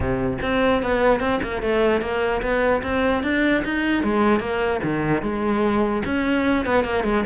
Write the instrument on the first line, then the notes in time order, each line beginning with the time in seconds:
cello
0.00 C3
0.42 C4
0.82 B3
1.20 C4
1.42 A#3
1.61 A3
2.01 A#3
2.41 B3
2.82 C4
3.23 D4
3.64 D#4
4.03 G#3
4.40 A#3
4.83 D#3
5.22 G#3
6.05 C#4
6.65 B3
6.84 A#3
7.04 G#3